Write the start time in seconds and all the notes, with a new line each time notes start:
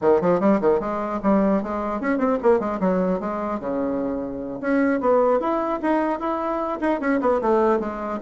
0.01 D#3
0.21 F3
0.39 G3
0.60 D#3
0.80 G#3
1.22 G3
1.63 G#3
2.01 C#4
2.18 C4
2.43 A#3
2.59 G#3
2.80 F#3
3.20 G#3
3.59 C#3
4.60 C#4
5.00 B3
5.40 E4
5.82 D#4
6.19 E4
6.81 D#4
7.00 C#4
7.20 B3
7.41 A3
7.79 G#3